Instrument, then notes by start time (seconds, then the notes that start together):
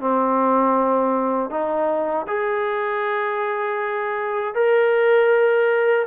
trombone
0.00 C4
1.50 D#4
2.27 G#4
4.54 A#4